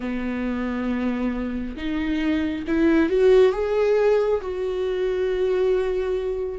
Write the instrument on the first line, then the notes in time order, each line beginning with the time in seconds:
viola
0.00 B3
1.76 D#4
2.67 E4
3.09 F#4
3.52 G#4
4.41 F#4